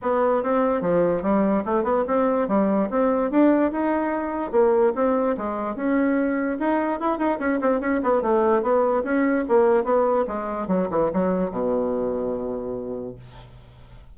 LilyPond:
\new Staff \with { instrumentName = "bassoon" } { \time 4/4 \tempo 4 = 146 b4 c'4 f4 g4 | a8 b8 c'4 g4 c'4 | d'4 dis'2 ais4 | c'4 gis4 cis'2 |
dis'4 e'8 dis'8 cis'8 c'8 cis'8 b8 | a4 b4 cis'4 ais4 | b4 gis4 fis8 e8 fis4 | b,1 | }